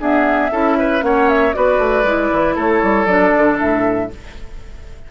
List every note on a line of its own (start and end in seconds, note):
0.00 0.52 B3
0.00 0.51 D4
0.00 0.51 G#4
0.00 1.03 E5
0.51 1.02 C#4
0.51 1.01 E4
0.51 0.77 A4
0.79 1.04 B4
1.01 1.53 A#3
1.01 1.52 C#4
1.01 1.56 C#5
1.01 1.29 F#5
1.29 1.53 E5
1.53 1.78 B3
1.53 2.04 F#4
1.53 2.55 B4
1.53 2.55 D5
1.78 2.04 A3
2.04 2.29 G#3
2.04 3.07 E4
2.32 2.57 E3
2.55 2.82 A3
2.55 4.09 A4
2.55 3.06 C#5
2.83 3.06 G3
3.06 3.31 F#3
3.06 4.10 D4
3.06 3.57 D5
3.37 3.60 D3
3.60 4.11 A2
3.60 4.11 E5